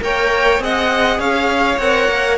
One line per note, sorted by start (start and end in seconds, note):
0.00 0.59 A#3
0.00 0.59 A#4
0.00 0.63 C#5
0.00 0.62 G5
0.59 1.19 C4
0.59 1.77 G#4
0.59 1.19 D#5
0.59 1.20 F#5
1.19 1.78 C#4
1.19 2.37 C#5
1.19 1.79 F5
1.79 2.08 C4
1.79 2.37 A#4
1.79 2.37 F#5
2.09 2.37 A#3